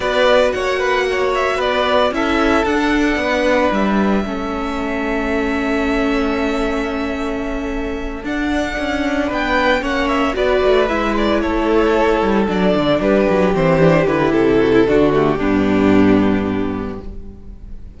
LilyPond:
<<
  \new Staff \with { instrumentName = "violin" } { \time 4/4 \tempo 4 = 113 d''4 fis''4. e''8 d''4 | e''4 fis''2 e''4~ | e''1~ | e''2.~ e''8 fis''8~ |
fis''4. g''4 fis''8 e''8 d''8~ | d''8 e''8 d''8 cis''2 d''8~ | d''8 b'4 c''4 b'8 a'4~ | a'8 g'2.~ g'8 | }
  \new Staff \with { instrumentName = "violin" } { \time 4/4 b'4 cis''8 b'8 cis''4 b'4 | a'2 b'2 | a'1~ | a'1~ |
a'4. b'4 cis''4 b'8~ | b'4. a'2~ a'8~ | a'8 g'2. fis'16 e'16 | fis'4 d'2. | }
  \new Staff \with { instrumentName = "viola" } { \time 4/4 fis'1 | e'4 d'2. | cis'1~ | cis'2.~ cis'8 d'8~ |
d'2~ d'8 cis'4 fis'8~ | fis'8 e'2. d'8~ | d'4. c'8 d'8 e'4. | d'8 a8 b2. | }
  \new Staff \with { instrumentName = "cello" } { \time 4/4 b4 ais2 b4 | cis'4 d'4 b4 g4 | a1~ | a2.~ a8 d'8~ |
d'8 cis'4 b4 ais4 b8 | a8 gis4 a4. g8 fis8 | d8 g8 fis8 e4 d8 c4 | d4 g,2. | }
>>